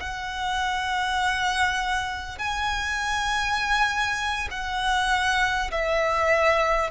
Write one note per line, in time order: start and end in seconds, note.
0.00 2.38 F#5
2.38 4.48 G#5
4.51 5.71 F#5
5.71 6.90 E5